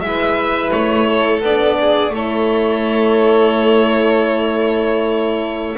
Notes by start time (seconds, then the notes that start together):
0.00 G#3 E4 E5
0.06 B4
0.70 A3 C#5
1.07 A4
1.41 B3 D4 D5
1.80 G#4
2.09 A3 E4 A4 C#5